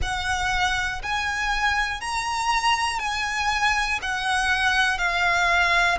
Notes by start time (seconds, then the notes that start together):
0.02 F#5
1.02 G#5
2.00 A#5
2.99 G#5
4.02 F#5
4.97 F5